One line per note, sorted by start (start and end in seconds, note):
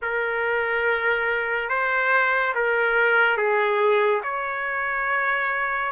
0.02 1.69 A#4
1.69 2.54 C5
2.55 3.37 A#4
3.37 4.21 G#4
4.23 5.91 C#5